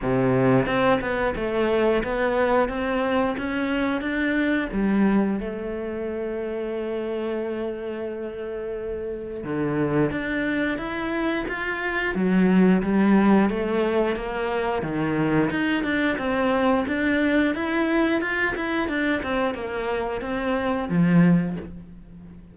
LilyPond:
\new Staff \with { instrumentName = "cello" } { \time 4/4 \tempo 4 = 89 c4 c'8 b8 a4 b4 | c'4 cis'4 d'4 g4 | a1~ | a2 d4 d'4 |
e'4 f'4 fis4 g4 | a4 ais4 dis4 dis'8 d'8 | c'4 d'4 e'4 f'8 e'8 | d'8 c'8 ais4 c'4 f4 | }